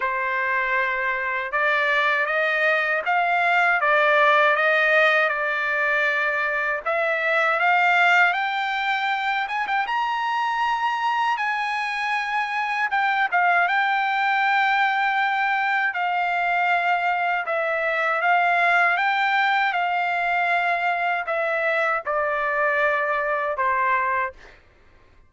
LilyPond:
\new Staff \with { instrumentName = "trumpet" } { \time 4/4 \tempo 4 = 79 c''2 d''4 dis''4 | f''4 d''4 dis''4 d''4~ | d''4 e''4 f''4 g''4~ | g''8 gis''16 g''16 ais''2 gis''4~ |
gis''4 g''8 f''8 g''2~ | g''4 f''2 e''4 | f''4 g''4 f''2 | e''4 d''2 c''4 | }